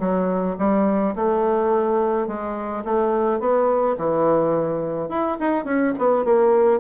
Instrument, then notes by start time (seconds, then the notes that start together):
bassoon
0.00 F#3
0.59 G3
1.16 A3
2.28 G#3
2.85 A3
3.40 B3
3.98 E3
5.09 E4
5.40 D#4
5.65 C#4
5.98 B3
6.25 A#3